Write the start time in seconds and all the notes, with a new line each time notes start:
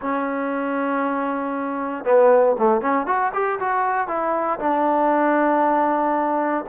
0.01 C#4
2.04 B3
2.58 A3
2.81 C#4
3.06 F#4
3.33 G4
3.59 F#4
4.07 E4
4.59 D4